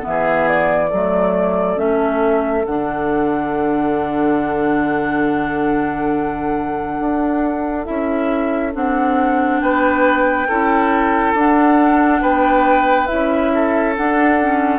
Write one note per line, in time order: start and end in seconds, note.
0.00 0.91 E3
0.00 0.87 B3
0.00 0.47 E5
0.09 0.89 G#4
0.48 1.78 D5
0.89 1.76 F#3
0.89 1.76 A3
0.89 9.59 A4
1.76 2.63 A3
1.76 2.63 C#4
1.76 2.65 E5
2.65 6.99 D3
2.65 7.84 D4
2.65 7.85 F#5
6.99 7.86 D4
7.84 8.74 C#4
7.84 8.71 E4
7.84 8.72 E5
8.72 9.61 C4
8.72 10.46 D4
8.72 9.60 F#5
9.60 10.48 B3
9.60 10.48 B4
9.60 11.34 G5
10.48 11.34 C#4
10.48 11.36 E4
10.48 12.21 A4
11.34 12.20 D4
11.34 13.07 D4
11.34 12.22 F#5
12.21 13.08 B3
12.21 13.52 B4
12.21 13.07 G5
13.07 13.97 C#4
13.07 13.94 E4
13.07 13.93 E5
13.54 14.78 A4
13.95 14.39 D4
13.95 14.78 D4
13.95 14.78 F#5
14.40 14.78 C#4